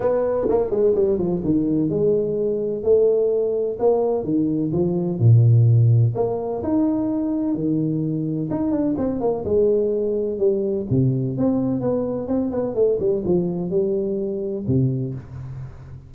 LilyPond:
\new Staff \with { instrumentName = "tuba" } { \time 4/4 \tempo 4 = 127 b4 ais8 gis8 g8 f8 dis4 | gis2 a2 | ais4 dis4 f4 ais,4~ | ais,4 ais4 dis'2 |
dis2 dis'8 d'8 c'8 ais8 | gis2 g4 c4 | c'4 b4 c'8 b8 a8 g8 | f4 g2 c4 | }